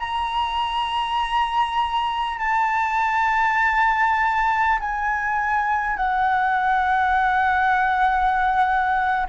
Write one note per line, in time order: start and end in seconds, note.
0.00 2.39 A#5
2.39 4.79 A5
4.81 5.97 G#5
5.97 9.27 F#5